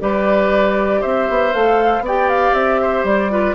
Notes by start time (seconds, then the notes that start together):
0.00 G3 G4 B4 D5
1.01 C4 C5 E5
1.29 B3
1.53 A3 A4 F5
2.01 B3 D5
2.07 G4 G5
2.29 F5
2.53 C4 E5
2.82 C5
3.04 G3 D5
3.30 F4 B4